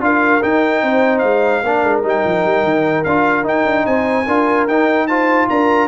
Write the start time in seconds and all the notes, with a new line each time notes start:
0.00 D4 F4 A#4 F5
0.42 D#4 G5
0.82 C4 C5
1.18 G#3 F5
1.63 A#3 D4 A#4
1.83 G#3
2.03 G3 D#4 G5
2.24 F3
2.45 G3
2.63 D#3
3.04 D4 F4 F5
3.43 D#4 G5
3.65 D4
3.86 C4 C5 G#5
4.26 D4 F4 A#4
4.67 D#4 G5
5.07 F4 C5 A5
5.49 D4 A#4 A#5